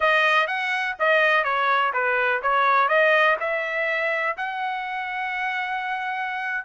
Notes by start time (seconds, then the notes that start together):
0.00 D#5
0.47 F#5
0.99 D#5
1.44 C#5
1.93 B4
2.42 C#5
2.88 D#5
3.39 E5
4.37 F#5